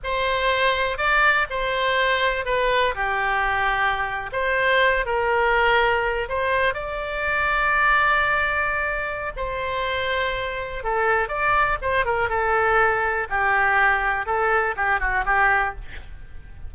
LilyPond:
\new Staff \with { instrumentName = "oboe" } { \time 4/4 \tempo 4 = 122 c''2 d''4 c''4~ | c''4 b'4 g'2~ | g'8. c''4. ais'4.~ ais'16~ | ais'8. c''4 d''2~ d''16~ |
d''2. c''4~ | c''2 a'4 d''4 | c''8 ais'8 a'2 g'4~ | g'4 a'4 g'8 fis'8 g'4 | }